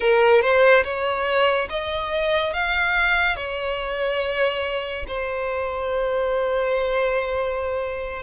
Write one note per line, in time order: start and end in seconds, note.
0.00 0.41 A#4
0.41 0.83 C5
0.84 1.68 C#5
1.69 2.53 D#5
2.53 3.36 F5
3.36 5.05 C#5
5.07 8.22 C5